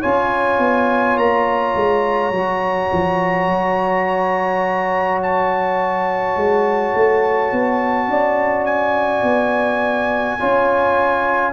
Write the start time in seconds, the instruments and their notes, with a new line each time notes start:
0.00 tuba C#4, trombone F4, horn C#5, trumpet G#5
0.59 tuba B3
1.16 tuba A#3, trumpet A#5
1.75 tuba G#3
2.31 tuba F#3, trombone F#4
2.93 tuba F3
3.48 tuba F#3
5.22 trumpet A5
6.36 tuba G#3
6.94 tuba A3
7.52 tuba B3
8.08 tuba C#4, horn D5
8.66 trumpet G#5
9.22 tuba B3
10.40 tuba C#4, trombone F4, horn C#5